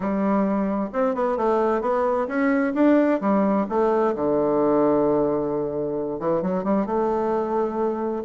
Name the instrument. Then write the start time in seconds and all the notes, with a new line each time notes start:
bassoon
0.00 G3
0.92 C4
1.15 B3
1.37 A3
1.81 B3
2.27 C#4
2.74 D4
3.20 G3
3.69 A3
4.15 D3
6.19 E3
6.42 F#3
6.64 G3
6.86 A3